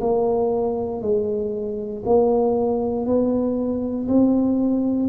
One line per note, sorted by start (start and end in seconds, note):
0.00 1.01 A#3
1.01 2.03 G#3
2.05 3.06 A#3
3.06 4.07 B3
4.08 5.09 C4